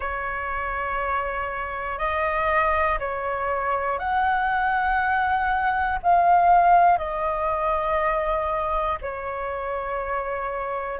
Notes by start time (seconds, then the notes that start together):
0.00 C#5
1.98 D#5
2.99 C#5
3.98 F#5
6.02 F5
6.97 D#5
9.01 C#5